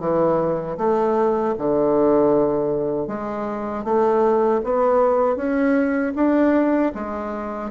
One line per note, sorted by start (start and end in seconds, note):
0.00 0.77 E3
0.78 1.55 A3
1.58 3.07 D3
3.07 3.84 G#3
3.84 4.61 A3
4.64 5.36 B3
5.36 6.13 C#4
6.15 6.92 D4
6.94 7.71 G#3